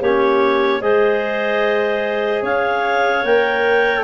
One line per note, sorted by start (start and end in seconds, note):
0.00 0.81 A#3
0.00 0.81 C#4
0.00 0.81 G4
0.00 0.81 C#5
0.81 2.42 G#3
0.81 3.25 G#4
0.81 2.42 C5
0.81 2.44 D#5
2.42 3.23 C#4
2.42 4.03 C#5
2.42 3.25 F5
3.23 4.03 A#3
3.23 4.03 A#4
3.23 4.03 G5